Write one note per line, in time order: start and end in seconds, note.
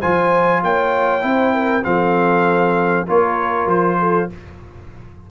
0.00 0.64 F3
0.00 1.21 F4
0.00 0.61 C5
0.00 0.62 G#5
0.64 1.24 A#3
0.64 1.26 C#5
0.64 1.85 G5
1.21 1.85 C4
1.21 1.82 E4
1.21 1.55 C5
1.55 1.86 A#4
1.84 3.08 F3
1.84 3.07 C4
1.84 3.08 A4
1.84 3.07 F5
3.07 3.67 A#3
3.07 4.30 F4
3.07 3.99 A#4
3.07 3.70 C#5
3.67 4.28 F3
3.67 4.31 C5
4.00 4.30 A4